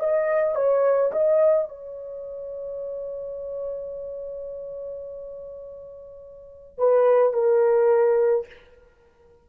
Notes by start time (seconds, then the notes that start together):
0.00 D#5
0.55 C#5
1.12 D#5
1.68 C#5
6.78 B4
7.33 A#4